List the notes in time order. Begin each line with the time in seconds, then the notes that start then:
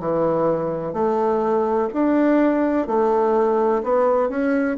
0.00 E3
0.94 A3
1.94 D4
2.87 A3
3.84 B3
4.29 C#4